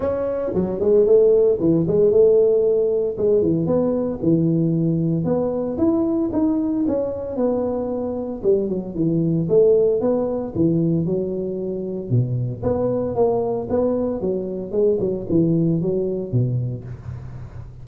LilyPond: \new Staff \with { instrumentName = "tuba" } { \time 4/4 \tempo 4 = 114 cis'4 fis8 gis8 a4 e8 gis8 | a2 gis8 e8 b4 | e2 b4 e'4 | dis'4 cis'4 b2 |
g8 fis8 e4 a4 b4 | e4 fis2 b,4 | b4 ais4 b4 fis4 | gis8 fis8 e4 fis4 b,4 | }